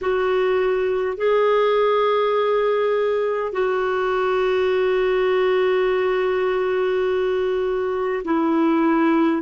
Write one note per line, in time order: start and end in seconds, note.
0.01 1.17 F#4
1.17 3.52 G#4
3.52 8.22 F#4
8.24 9.41 E4